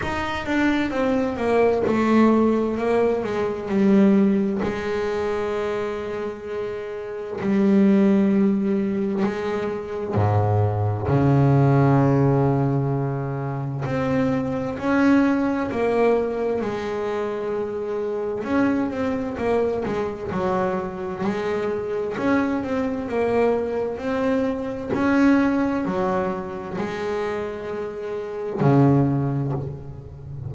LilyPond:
\new Staff \with { instrumentName = "double bass" } { \time 4/4 \tempo 4 = 65 dis'8 d'8 c'8 ais8 a4 ais8 gis8 | g4 gis2. | g2 gis4 gis,4 | cis2. c'4 |
cis'4 ais4 gis2 | cis'8 c'8 ais8 gis8 fis4 gis4 | cis'8 c'8 ais4 c'4 cis'4 | fis4 gis2 cis4 | }